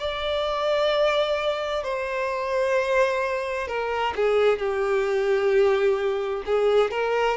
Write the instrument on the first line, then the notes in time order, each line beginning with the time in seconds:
violin
0.00 D5
1.84 C5
3.68 A#4
4.16 G#4
4.59 G4
6.46 G#4
6.91 A#4